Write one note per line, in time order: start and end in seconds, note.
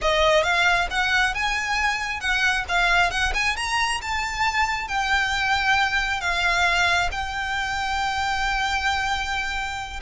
0.01 0.43 D#5
0.43 0.87 F5
0.90 1.34 F#5
1.34 2.20 G#5
2.20 2.64 F#5
2.68 3.10 F5
3.10 3.33 F#5
3.34 3.56 G#5
3.56 4.00 A#5
4.01 4.88 A5
4.88 6.20 G5
6.20 7.09 F5
7.11 10.00 G5